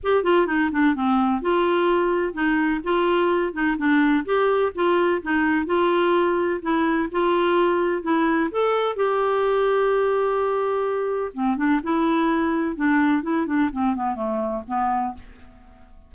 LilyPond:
\new Staff \with { instrumentName = "clarinet" } { \time 4/4 \tempo 4 = 127 g'8 f'8 dis'8 d'8 c'4 f'4~ | f'4 dis'4 f'4. dis'8 | d'4 g'4 f'4 dis'4 | f'2 e'4 f'4~ |
f'4 e'4 a'4 g'4~ | g'1 | c'8 d'8 e'2 d'4 | e'8 d'8 c'8 b8 a4 b4 | }